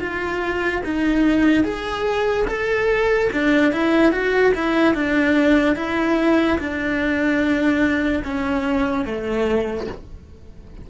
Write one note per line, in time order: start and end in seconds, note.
0.00 0.82 F4
0.85 1.64 D#4
1.64 2.46 G#4
2.48 3.30 A4
3.33 3.72 D4
3.72 4.12 E4
4.12 4.53 F#4
4.55 4.94 E4
4.94 5.76 D4
5.76 6.58 E4
6.59 8.23 D4
8.24 9.05 C#4
9.05 9.87 A3